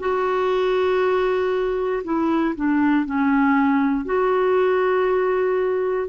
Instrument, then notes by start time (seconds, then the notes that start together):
clarinet
0.00 F#4
2.04 E4
2.56 D4
3.06 C#4
4.06 F#4